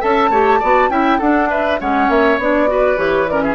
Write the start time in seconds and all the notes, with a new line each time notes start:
0.00 C#4 A4 E5 A5
0.29 A3 G4 C#5
0.59 B3 F#4 D5
0.88 C#4 E4 E5 G5
1.18 D4 A4 F#5
1.50 B4 E5
1.80 G#3 C#4 C#5 F#5
2.08 A#3 E5
2.37 B3 D4 D5
2.67 F#4 B4
2.97 E3 G4 C#5
3.27 C#4 A#4 D5
3.41 G#4 E5